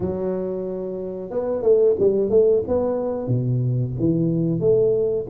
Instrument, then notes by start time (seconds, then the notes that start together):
tuba
0.00 F#3
1.30 B3
1.62 A3
1.99 G3
2.30 A3
2.67 B3
3.27 B2
3.99 E3
4.60 A3